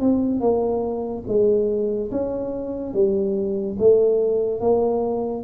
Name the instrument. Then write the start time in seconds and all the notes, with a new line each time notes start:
tuba
0.00 C4
0.40 A#3
1.28 G#3
2.11 C#4
2.94 G3
3.79 A3
4.60 A#3